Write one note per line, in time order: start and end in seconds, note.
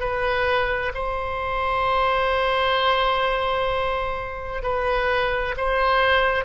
0.00 0.92 B4
0.94 4.63 C5
4.63 5.56 B4
5.58 6.45 C5